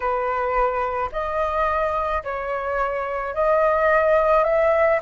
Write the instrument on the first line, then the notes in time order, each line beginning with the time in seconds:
flute
0.00 B4
1.12 D#5
2.23 C#5
3.34 D#5
4.44 E5